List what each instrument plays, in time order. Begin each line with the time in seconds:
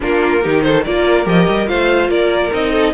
0.00 cello A#3, viola D4, violin F4 A#4
0.42 cello D#3, viola D#4, violin G4
0.62 violin A4 C5
0.84 cello A#3, viola F4, violin A#4 D5
1.24 cello F3, viola G4, violin D#5
1.47 cello G3
1.66 cello A3, viola F4, violin C5 F5
2.08 cello A#3, violin A#4 D5
2.52 cello C4, viola D#4, violin D#5
2.71 violin A4